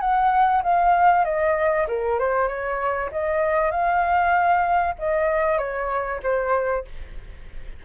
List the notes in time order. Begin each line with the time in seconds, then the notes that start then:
0.00 F#5
0.63 F5
1.25 D#5
1.88 A#4
2.19 C5
2.48 C#5
3.12 D#5
3.71 F5
4.99 D#5
5.58 C#5
6.23 C5